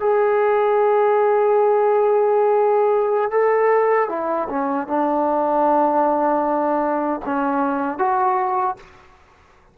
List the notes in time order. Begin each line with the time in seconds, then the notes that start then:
0.00 G#4
3.31 A4
4.09 E4
4.49 C#4
4.87 D4
7.25 C#4
7.99 F#4